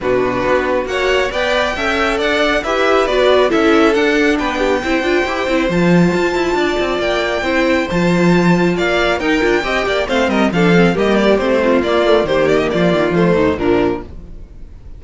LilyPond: <<
  \new Staff \with { instrumentName = "violin" } { \time 4/4 \tempo 4 = 137 b'2 fis''4 g''4~ | g''4 fis''4 e''4 d''4 | e''4 fis''4 g''2~ | g''4 a''2. |
g''2 a''2 | f''4 g''2 f''8 dis''8 | f''4 dis''8 d''8 c''4 d''4 | c''8 d''16 dis''16 d''4 c''4 ais'4 | }
  \new Staff \with { instrumentName = "violin" } { \time 4/4 fis'2 cis''4 d''4 | e''4 d''4 b'2 | a'2 b'8 g'8 c''4~ | c''2. d''4~ |
d''4 c''2. | d''4 ais'4 dis''8 d''8 c''8 ais'8 | a'4 g'4. f'4. | g'4 f'4. dis'8 d'4 | }
  \new Staff \with { instrumentName = "viola" } { \time 4/4 d'2 fis'4 b'4 | a'2 g'4 fis'4 | e'4 d'2 e'8 f'8 | g'8 e'8 f'2.~ |
f'4 e'4 f'2~ | f'4 dis'8 f'8 g'4 c'4 | d'8 c'8 ais4 c'4 ais8 a8 | ais2 a4 f4 | }
  \new Staff \with { instrumentName = "cello" } { \time 4/4 b,4 b4 ais4 b4 | cis'4 d'4 e'4 b4 | cis'4 d'4 b4 c'8 d'8 | e'8 c'8 f4 f'8 e'8 d'8 c'8 |
ais4 c'4 f2 | ais4 dis'8 d'8 c'8 ais8 a8 g8 | f4 g4 a4 ais4 | dis4 f8 dis8 f8 dis,8 ais,4 | }
>>